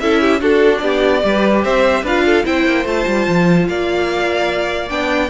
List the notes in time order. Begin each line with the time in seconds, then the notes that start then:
0.00 C#4 E4 A4 E5
0.21 G4
0.41 D4 F#4 A4
0.78 B3 G4 D5
1.22 G3 G4 B4
1.64 C4 C5 E5
2.03 D4 F4 B4 F5
2.26 A4
2.44 C4 E4 C5 G5
2.66 A#3
2.85 A3 F4 A5
3.07 G3
3.28 F3
3.68 A#3 D5 F5
4.89 B3 D4 G5